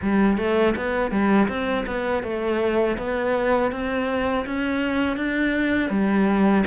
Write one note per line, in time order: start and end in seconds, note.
0.02 0.37 G3
0.37 0.74 A3
0.76 1.11 B3
1.11 1.48 G3
1.48 1.85 C4
1.86 2.23 B3
2.23 2.97 A3
2.97 3.71 B3
3.71 4.45 C4
4.45 5.16 C#4
5.16 5.90 D4
5.90 6.64 G3